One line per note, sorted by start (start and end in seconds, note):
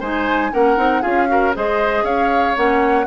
0.00 0.52 G#3
0.00 0.52 D#4
0.00 0.51 C5
0.00 0.53 G#5
0.52 0.77 A#3
0.52 0.76 C#4
0.52 1.01 A#4
0.52 1.02 F#5
0.76 1.03 C4
0.76 1.02 D#4
1.01 1.56 C#4
1.01 1.27 F4
1.01 1.27 G#4
1.01 1.53 F5
1.27 1.53 F#4
1.27 1.56 A#4
1.54 2.03 G#3
1.54 2.55 G#4
1.54 2.04 C5
1.54 2.05 D#5
2.03 2.53 C#4
2.03 3.06 C#5
2.03 2.55 F5
2.55 3.06 A#3
2.55 3.06 C#4
2.55 3.06 F#5